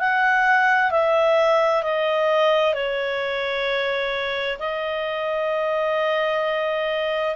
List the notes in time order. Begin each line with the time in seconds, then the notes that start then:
0.00 F#5
0.91 E5
1.83 D#5
2.74 C#5
4.59 D#5